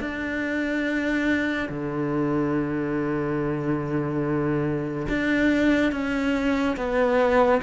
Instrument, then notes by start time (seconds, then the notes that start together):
cello
0.00 D4
1.69 D3
5.09 D4
5.92 C#4
6.77 B3